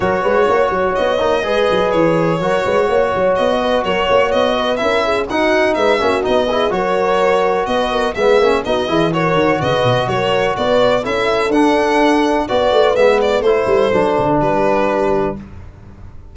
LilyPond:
<<
  \new Staff \with { instrumentName = "violin" } { \time 4/4 \tempo 4 = 125 cis''2 dis''2 | cis''2. dis''4 | cis''4 dis''4 e''4 fis''4 | e''4 dis''4 cis''2 |
dis''4 e''4 dis''4 cis''4 | dis''4 cis''4 d''4 e''4 | fis''2 d''4 e''8 d''8 | c''2 b'2 | }
  \new Staff \with { instrumentName = "horn" } { \time 4/4 ais'8 b'8 cis''2 b'4~ | b'4 ais'8 b'8 cis''4. b'8 | ais'8 cis''4 b'8 ais'8 gis'8 fis'4 | b'8 fis'4 gis'8 ais'2 |
b'8 ais'8 gis'4 fis'8 gis'8 ais'4 | b'4 ais'4 b'4 a'4~ | a'2 b'2 | a'2 g'2 | }
  \new Staff \with { instrumentName = "trombone" } { \time 4/4 fis'2~ fis'8 dis'8 gis'4~ | gis'4 fis'2.~ | fis'2 e'4 dis'4~ | dis'8 cis'8 dis'8 e'8 fis'2~ |
fis'4 b8 cis'8 dis'8 e'8 fis'4~ | fis'2. e'4 | d'2 fis'4 b4 | e'4 d'2. | }
  \new Staff \with { instrumentName = "tuba" } { \time 4/4 fis8 gis8 ais8 fis8 b8 ais8 gis8 fis8 | e4 fis8 gis8 ais8 fis8 b4 | fis8 ais8 b4 cis'4 dis'4 | gis8 ais8 b4 fis2 |
b4 gis8 ais8 b8 e4 dis8 | cis8 b,8 fis4 b4 cis'4 | d'2 b8 a8 gis4 | a8 g8 fis8 d8 g2 | }
>>